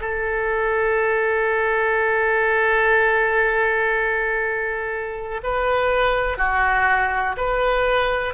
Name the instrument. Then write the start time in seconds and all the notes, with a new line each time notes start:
oboe
0.00 A4
5.43 B4
6.38 F#4
7.37 B4